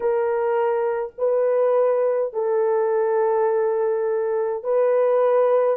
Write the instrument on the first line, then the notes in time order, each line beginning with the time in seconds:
horn
0.00 A#4
1.18 B4
2.33 A4
4.63 B4